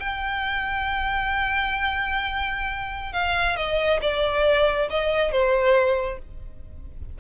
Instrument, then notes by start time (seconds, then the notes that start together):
violin
0.00 G5
3.13 F5
3.57 D#5
4.02 D5
4.91 D#5
5.32 C5